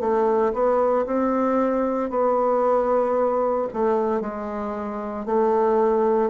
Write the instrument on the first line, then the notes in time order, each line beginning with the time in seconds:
bassoon
0.00 A3
0.53 B3
1.06 C4
2.10 B3
3.73 A3
4.21 G#3
5.25 A3